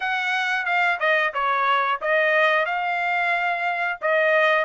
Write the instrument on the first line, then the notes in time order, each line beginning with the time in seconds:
trumpet
0.00 F#5
0.65 F5
0.99 D#5
1.33 C#5
2.01 D#5
2.65 F5
4.01 D#5